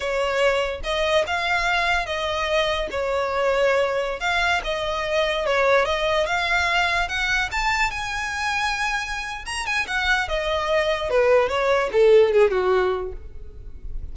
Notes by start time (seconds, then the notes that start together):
0.00 C#5
0.83 D#5
1.26 F5
2.05 D#5
2.90 C#5
4.20 F5
4.63 D#5
5.45 C#5
5.85 D#5
6.26 F5
7.08 F#5
7.51 A5
7.91 G#5
9.45 A#5
9.66 G#5
9.87 F#5
10.28 D#5
11.09 B4
11.49 C#5
11.92 A4
12.33 G#4
12.50 F#4